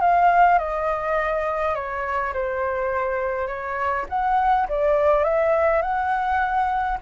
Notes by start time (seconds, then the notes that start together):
0.00 F5
0.58 D#5
1.74 C#5
2.33 C5
3.47 C#5
4.09 F#5
4.68 D5
5.23 E5
5.81 F#5